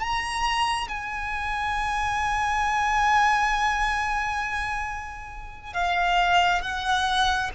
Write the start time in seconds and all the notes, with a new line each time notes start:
0.00 A#5
0.89 G#5
5.74 F5
6.62 F#5